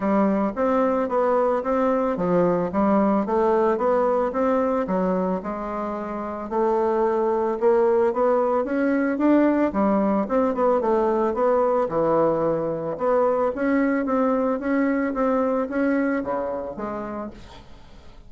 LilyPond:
\new Staff \with { instrumentName = "bassoon" } { \time 4/4 \tempo 4 = 111 g4 c'4 b4 c'4 | f4 g4 a4 b4 | c'4 fis4 gis2 | a2 ais4 b4 |
cis'4 d'4 g4 c'8 b8 | a4 b4 e2 | b4 cis'4 c'4 cis'4 | c'4 cis'4 cis4 gis4 | }